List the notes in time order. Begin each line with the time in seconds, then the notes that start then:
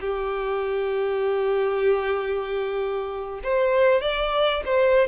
0.00 G4
3.43 C5
4.01 D5
4.65 C5